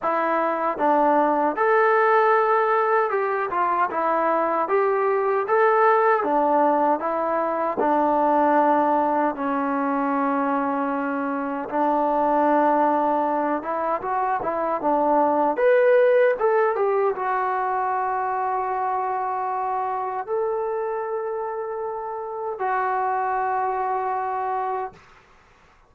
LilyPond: \new Staff \with { instrumentName = "trombone" } { \time 4/4 \tempo 4 = 77 e'4 d'4 a'2 | g'8 f'8 e'4 g'4 a'4 | d'4 e'4 d'2 | cis'2. d'4~ |
d'4. e'8 fis'8 e'8 d'4 | b'4 a'8 g'8 fis'2~ | fis'2 a'2~ | a'4 fis'2. | }